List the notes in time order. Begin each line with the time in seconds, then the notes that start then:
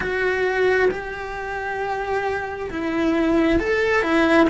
0.00 F#4
0.90 G4
2.70 E4
3.59 A4
4.02 E4